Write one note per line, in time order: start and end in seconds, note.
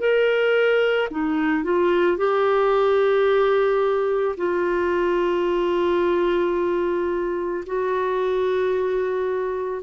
0.00 1.09 A#4
1.11 1.64 D#4
1.64 2.18 F4
2.18 4.36 G4
4.37 7.65 F4
7.67 9.83 F#4